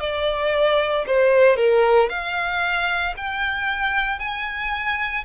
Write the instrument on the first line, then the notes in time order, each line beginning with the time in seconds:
violin
0.00 D5
1.07 C5
1.56 A#4
2.09 F5
3.17 G5
4.19 G#5